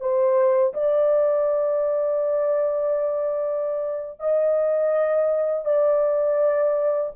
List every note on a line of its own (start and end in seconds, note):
0.00 0.73 C5
0.74 4.20 D5
4.20 5.65 D#5
5.65 7.11 D5